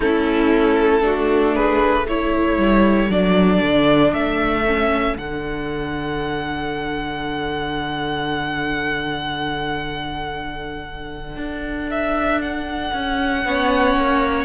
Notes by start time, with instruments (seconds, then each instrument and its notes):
0.00 cello A3, viola C#4, violin E4 A4
1.01 viola D4, violin F#4
1.55 violin G#4 B4
2.06 viola E4, violin A4 C#5
2.57 cello G3
3.09 cello F#3, viola D4, violin D5
3.62 cello D3
4.13 cello A3, violin E5
4.66 viola C#4
5.17 cello D3, viola D4, violin F#5
11.36 cello D4
11.90 violin E5
12.41 violin F#5
12.93 cello C#4
13.45 cello B3, viola C#4, violin C#5
13.96 cello A#3